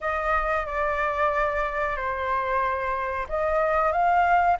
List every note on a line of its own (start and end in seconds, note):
0.00 0.66 D#5
0.66 1.96 D5
1.96 3.26 C5
3.28 3.92 D#5
3.92 4.57 F5